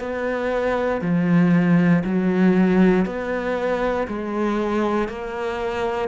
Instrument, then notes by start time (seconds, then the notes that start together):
cello
0.00 B3
1.02 F3
2.05 F#3
3.06 B3
4.08 G#3
5.08 A#3